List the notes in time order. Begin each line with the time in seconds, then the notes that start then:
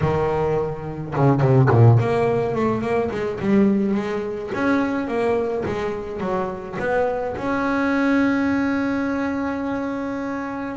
0.01 D#3
1.15 C#3
1.40 C3
1.70 A#2
1.99 A#3
2.55 A3
2.81 A#3
3.11 G#3
3.40 G3
3.94 G#3
4.54 C#4
5.07 A#3
5.65 G#3
6.20 F#3
6.79 B3
7.36 C#4